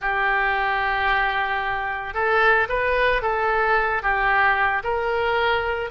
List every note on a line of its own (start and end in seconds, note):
0.01 2.14 G4
2.14 2.67 A4
2.69 3.21 B4
3.21 4.02 A4
4.02 4.82 G4
4.83 5.90 A#4